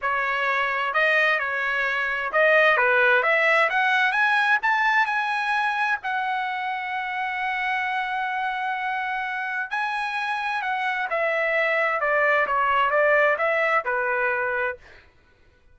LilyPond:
\new Staff \with { instrumentName = "trumpet" } { \time 4/4 \tempo 4 = 130 cis''2 dis''4 cis''4~ | cis''4 dis''4 b'4 e''4 | fis''4 gis''4 a''4 gis''4~ | gis''4 fis''2.~ |
fis''1~ | fis''4 gis''2 fis''4 | e''2 d''4 cis''4 | d''4 e''4 b'2 | }